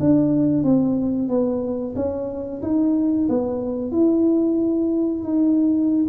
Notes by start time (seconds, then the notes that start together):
0.00 D4
0.63 C4
1.29 B3
1.96 C#4
2.62 D#4
3.29 B3
3.92 E4
5.24 D#4